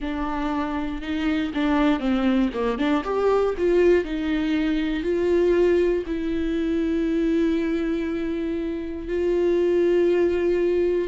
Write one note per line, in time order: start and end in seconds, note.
0.00 1.01 D4
1.01 1.51 D#4
1.54 1.99 D4
1.99 2.50 C4
2.53 2.78 A#3
2.78 3.03 D4
3.04 3.54 G4
3.57 4.04 F4
4.04 5.03 D#4
5.03 6.04 F4
6.06 9.08 E4
9.08 11.08 F4